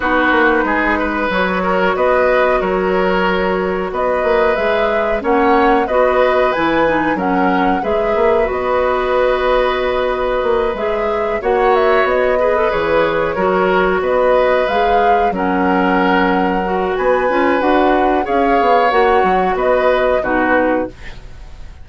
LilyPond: <<
  \new Staff \with { instrumentName = "flute" } { \time 4/4 \tempo 4 = 92 b'2 cis''4 dis''4 | cis''2 dis''4 e''4 | fis''4 dis''4 gis''4 fis''4 | e''4 dis''2.~ |
dis''8 e''4 fis''8 e''8 dis''4 cis''8~ | cis''4. dis''4 f''4 fis''8~ | fis''2 gis''4 fis''4 | f''4 fis''4 dis''4 b'4 | }
  \new Staff \with { instrumentName = "oboe" } { \time 4/4 fis'4 gis'8 b'4 ais'8 b'4 | ais'2 b'2 | cis''4 b'2 ais'4 | b'1~ |
b'4. cis''4. b'4~ | b'8 ais'4 b'2 ais'8~ | ais'2 b'2 | cis''2 b'4 fis'4 | }
  \new Staff \with { instrumentName = "clarinet" } { \time 4/4 dis'2 fis'2~ | fis'2. gis'4 | cis'4 fis'4 e'8 dis'8 cis'4 | gis'4 fis'2.~ |
fis'8 gis'4 fis'4. gis'16 a'16 gis'8~ | gis'8 fis'2 gis'4 cis'8~ | cis'4. fis'4 f'8 fis'4 | gis'4 fis'2 dis'4 | }
  \new Staff \with { instrumentName = "bassoon" } { \time 4/4 b8 ais8 gis4 fis4 b4 | fis2 b8 ais8 gis4 | ais4 b4 e4 fis4 | gis8 ais8 b2. |
ais8 gis4 ais4 b4 e8~ | e8 fis4 b4 gis4 fis8~ | fis2 b8 cis'8 d'4 | cis'8 b8 ais8 fis8 b4 b,4 | }
>>